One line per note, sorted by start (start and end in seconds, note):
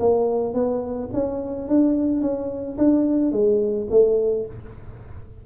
0.00 0.54 A#3
0.54 1.10 B3
1.14 1.68 C#4
1.68 2.22 D4
2.22 2.77 C#4
2.78 3.32 D4
3.32 3.88 G#3
3.91 4.46 A3